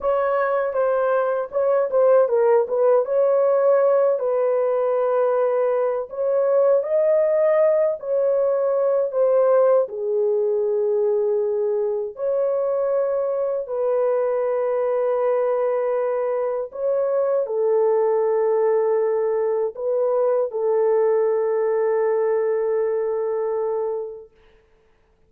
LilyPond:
\new Staff \with { instrumentName = "horn" } { \time 4/4 \tempo 4 = 79 cis''4 c''4 cis''8 c''8 ais'8 b'8 | cis''4. b'2~ b'8 | cis''4 dis''4. cis''4. | c''4 gis'2. |
cis''2 b'2~ | b'2 cis''4 a'4~ | a'2 b'4 a'4~ | a'1 | }